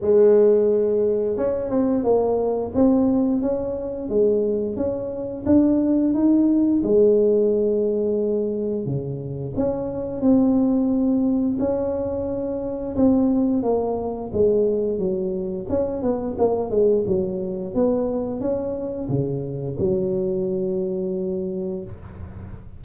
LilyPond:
\new Staff \with { instrumentName = "tuba" } { \time 4/4 \tempo 4 = 88 gis2 cis'8 c'8 ais4 | c'4 cis'4 gis4 cis'4 | d'4 dis'4 gis2~ | gis4 cis4 cis'4 c'4~ |
c'4 cis'2 c'4 | ais4 gis4 fis4 cis'8 b8 | ais8 gis8 fis4 b4 cis'4 | cis4 fis2. | }